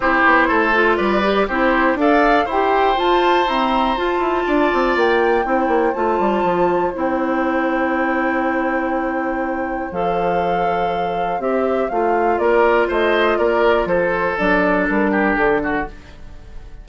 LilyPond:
<<
  \new Staff \with { instrumentName = "flute" } { \time 4/4 \tempo 4 = 121 c''2 d''4 c''4 | f''4 g''4 a''4 ais''4 | a''2 g''2 | a''2 g''2~ |
g''1 | f''2. e''4 | f''4 d''4 dis''4 d''4 | c''4 d''4 ais'4 a'4 | }
  \new Staff \with { instrumentName = "oboe" } { \time 4/4 g'4 a'4 b'4 g'4 | d''4 c''2.~ | c''4 d''2 c''4~ | c''1~ |
c''1~ | c''1~ | c''4 ais'4 c''4 ais'4 | a'2~ a'8 g'4 fis'8 | }
  \new Staff \with { instrumentName = "clarinet" } { \time 4/4 e'4. f'4 g'8 e'4 | a'4 g'4 f'4 c'4 | f'2. e'4 | f'2 e'2~ |
e'1 | a'2. g'4 | f'1~ | f'4 d'2. | }
  \new Staff \with { instrumentName = "bassoon" } { \time 4/4 c'8 b8 a4 g4 c'4 | d'4 e'4 f'4 e'4 | f'8 e'8 d'8 c'8 ais4 c'8 ais8 | a8 g8 f4 c'2~ |
c'1 | f2. c'4 | a4 ais4 a4 ais4 | f4 fis4 g4 d4 | }
>>